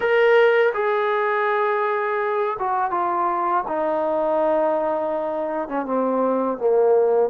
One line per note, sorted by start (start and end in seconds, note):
0.00 0.73 A#4
0.74 2.57 G#4
2.59 2.90 F#4
2.90 3.64 F4
3.67 5.68 D#4
5.68 5.85 C#4
5.85 6.58 C4
6.58 7.29 A#3